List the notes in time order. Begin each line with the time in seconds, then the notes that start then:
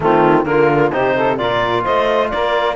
0.00 D#3 A3 C4 F4
0.44 D3 A#3 F4 A#4
0.92 C3 D#4 G4 C5
1.15 A4
1.37 A#2 F4 A#4 D5
1.83 A3 C5 D#5
2.30 A#3 A#4 D5